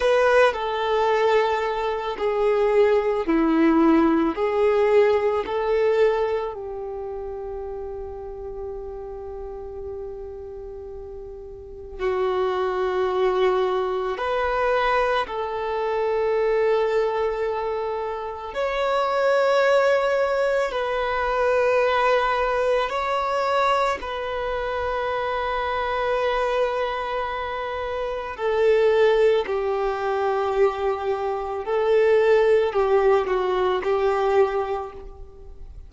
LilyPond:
\new Staff \with { instrumentName = "violin" } { \time 4/4 \tempo 4 = 55 b'8 a'4. gis'4 e'4 | gis'4 a'4 g'2~ | g'2. fis'4~ | fis'4 b'4 a'2~ |
a'4 cis''2 b'4~ | b'4 cis''4 b'2~ | b'2 a'4 g'4~ | g'4 a'4 g'8 fis'8 g'4 | }